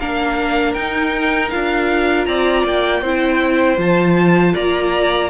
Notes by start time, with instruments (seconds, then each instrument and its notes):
0.00 cello A#3, viola D4, violin A#4 F5
0.73 cello D#4, viola D#4, violin G5
1.50 cello D4, viola F4, violin F5
2.25 cello C4, violin D5 A#5
2.64 cello A#3, violin G5
3.02 cello C4, viola E4, violin C5
3.78 cello F3, viola F4, violin A5
4.54 cello A#3, violin D5 A#5